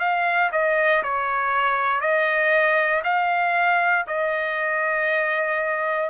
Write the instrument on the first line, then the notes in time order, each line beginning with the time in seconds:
trumpet
0.00 F5
0.53 D#5
1.04 C#5
2.01 D#5
3.04 F5
4.08 D#5